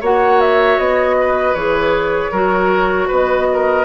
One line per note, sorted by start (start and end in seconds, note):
0.00 0.78 A#3
0.00 1.56 F#4
0.00 1.15 C#5
0.00 0.40 F#5
0.40 0.79 E5
0.78 1.54 B3
0.78 1.54 D#5
1.20 2.31 B4
1.54 2.31 E3
1.54 2.33 G#4
1.54 3.08 C#5
2.31 3.08 F#3
2.31 3.84 F#4
2.31 3.08 A#4
3.08 3.84 B3
3.08 3.46 B4
3.08 3.84 D#5
3.53 3.84 A#4